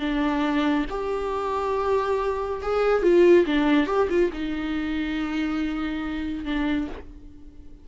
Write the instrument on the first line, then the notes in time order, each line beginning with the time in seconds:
viola
0.00 D4
0.90 G4
2.62 G#4
3.03 F4
3.46 D4
3.87 G4
4.09 F4
4.33 D#4
6.45 D4